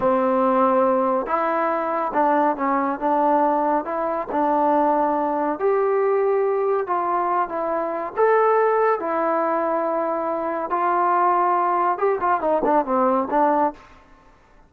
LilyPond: \new Staff \with { instrumentName = "trombone" } { \time 4/4 \tempo 4 = 140 c'2. e'4~ | e'4 d'4 cis'4 d'4~ | d'4 e'4 d'2~ | d'4 g'2. |
f'4. e'4. a'4~ | a'4 e'2.~ | e'4 f'2. | g'8 f'8 dis'8 d'8 c'4 d'4 | }